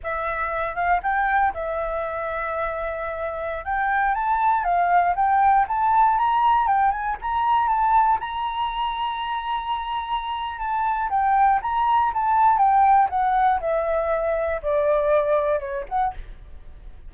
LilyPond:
\new Staff \with { instrumentName = "flute" } { \time 4/4 \tempo 4 = 119 e''4. f''8 g''4 e''4~ | e''2.~ e''16 g''8.~ | g''16 a''4 f''4 g''4 a''8.~ | a''16 ais''4 g''8 gis''8 ais''4 a''8.~ |
a''16 ais''2.~ ais''8.~ | ais''4 a''4 g''4 ais''4 | a''4 g''4 fis''4 e''4~ | e''4 d''2 cis''8 fis''8 | }